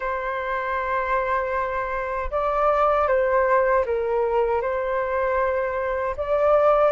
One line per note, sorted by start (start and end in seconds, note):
0.00 2.30 C5
2.30 3.07 D5
3.07 3.84 C5
3.85 4.62 A#4
4.62 6.15 C5
6.16 6.91 D5